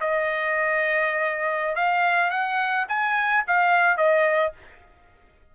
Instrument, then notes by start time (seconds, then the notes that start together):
trumpet
0.00 D#5
1.75 F5
2.30 F#5
2.88 G#5
3.47 F5
3.97 D#5